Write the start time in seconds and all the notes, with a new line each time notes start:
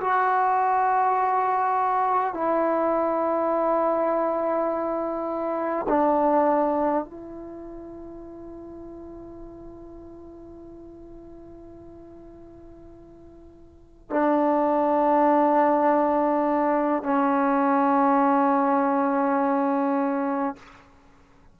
0.00 F#4
2.34 E4
5.88 D4
7.04 E4
14.10 D4
17.03 C#4